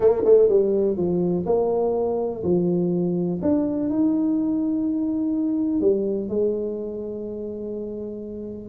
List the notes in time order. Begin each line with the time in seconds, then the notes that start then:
0.00 A#3
0.24 A3
0.49 G3
0.96 F3
1.46 A#3
2.43 F3
3.42 D4
3.89 D#4
5.81 G3
6.28 G#3